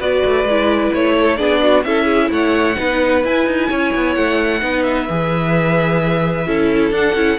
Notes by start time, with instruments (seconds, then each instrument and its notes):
0.00 cello B3, viola F#4, violin B4 D5
0.25 cello A3
0.44 cello G#3, viola E4
0.94 cello A3, violin C#5
1.20 violin A4
1.37 cello B3, viola D4, violin G#4 D5
1.63 violin F#4
1.84 cello C#4, viola E4, violin A4 E5
2.05 violin G#4
2.30 cello A3, violin C#5 F#5
2.77 cello B3, viola D#4, violin B4
3.24 viola E4, cello E4, violin G#5
3.47 cello D#4
3.69 cello C#4, violin C#5
3.95 cello B3
4.15 cello A3, violin F#5
4.61 cello B3, viola D#4, violin B4
4.83 violin E5
5.10 cello E3, viola G#4
6.47 cello C#4, viola E4, violin A4
6.91 cello D4, viola D4, violin F#5
7.15 cello C#4, viola E4